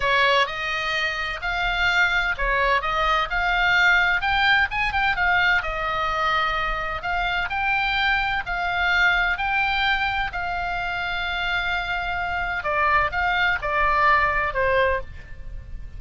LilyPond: \new Staff \with { instrumentName = "oboe" } { \time 4/4 \tempo 4 = 128 cis''4 dis''2 f''4~ | f''4 cis''4 dis''4 f''4~ | f''4 g''4 gis''8 g''8 f''4 | dis''2. f''4 |
g''2 f''2 | g''2 f''2~ | f''2. d''4 | f''4 d''2 c''4 | }